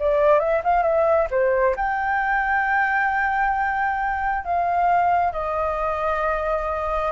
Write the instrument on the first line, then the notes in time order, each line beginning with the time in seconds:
flute
0.00 D5
0.40 E5
0.64 F5
0.83 E5
1.31 C5
1.77 G5
4.45 F5
5.33 D#5